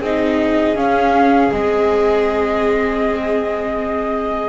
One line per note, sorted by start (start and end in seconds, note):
0.00 0.75 C4
0.00 0.76 D#4
0.00 4.49 G#4
0.00 0.77 D#5
0.76 1.51 C#4
0.76 1.52 F5
1.52 4.49 G#3
1.52 4.49 C4
1.52 4.49 D#5